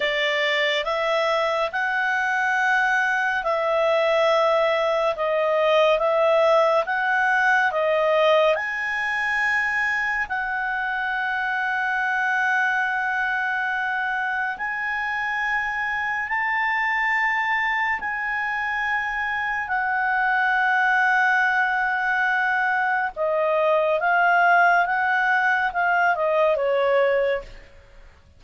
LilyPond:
\new Staff \with { instrumentName = "clarinet" } { \time 4/4 \tempo 4 = 70 d''4 e''4 fis''2 | e''2 dis''4 e''4 | fis''4 dis''4 gis''2 | fis''1~ |
fis''4 gis''2 a''4~ | a''4 gis''2 fis''4~ | fis''2. dis''4 | f''4 fis''4 f''8 dis''8 cis''4 | }